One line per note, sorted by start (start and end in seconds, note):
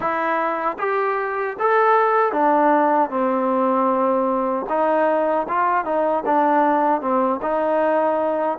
0.00 0.77 E4
0.78 1.56 G4
1.59 2.32 A4
2.32 3.10 D4
3.10 4.65 C4
4.69 5.47 D#4
5.48 5.84 F4
5.84 6.23 D#4
6.25 7.01 D4
7.01 7.40 C4
7.42 8.58 D#4